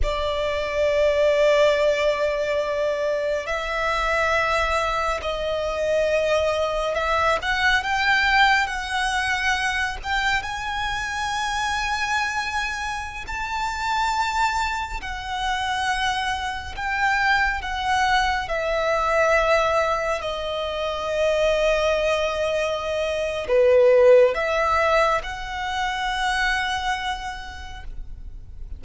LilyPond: \new Staff \with { instrumentName = "violin" } { \time 4/4 \tempo 4 = 69 d''1 | e''2 dis''2 | e''8 fis''8 g''4 fis''4. g''8 | gis''2.~ gis''16 a''8.~ |
a''4~ a''16 fis''2 g''8.~ | g''16 fis''4 e''2 dis''8.~ | dis''2. b'4 | e''4 fis''2. | }